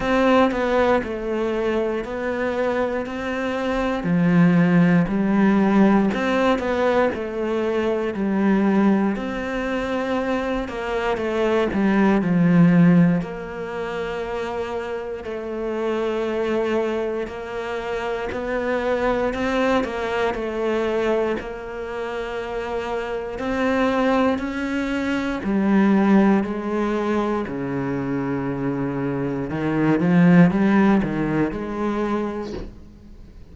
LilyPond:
\new Staff \with { instrumentName = "cello" } { \time 4/4 \tempo 4 = 59 c'8 b8 a4 b4 c'4 | f4 g4 c'8 b8 a4 | g4 c'4. ais8 a8 g8 | f4 ais2 a4~ |
a4 ais4 b4 c'8 ais8 | a4 ais2 c'4 | cis'4 g4 gis4 cis4~ | cis4 dis8 f8 g8 dis8 gis4 | }